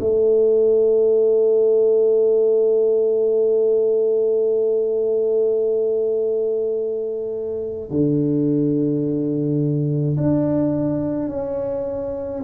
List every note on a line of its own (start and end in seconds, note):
0.00 7.90 A3
7.90 10.16 D3
10.17 11.28 D4
11.28 12.42 C#4